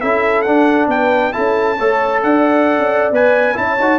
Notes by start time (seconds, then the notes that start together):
0.00 C#4 E4 A4 E5
0.42 D4 F#5
0.88 B3 B4 G5
1.33 C#4 E4 A4 A5
1.79 A3 A4 C#5
2.23 D4 D5 F#5
2.79 C#4
3.12 B3 B4 G#5
3.55 C#4 E4 C#5 A5
3.80 D#4 F#4